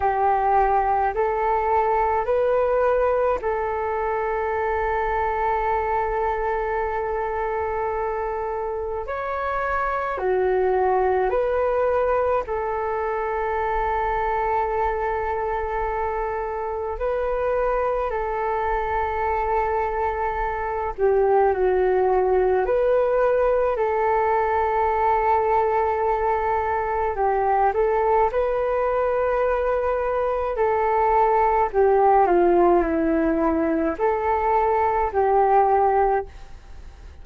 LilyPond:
\new Staff \with { instrumentName = "flute" } { \time 4/4 \tempo 4 = 53 g'4 a'4 b'4 a'4~ | a'1 | cis''4 fis'4 b'4 a'4~ | a'2. b'4 |
a'2~ a'8 g'8 fis'4 | b'4 a'2. | g'8 a'8 b'2 a'4 | g'8 f'8 e'4 a'4 g'4 | }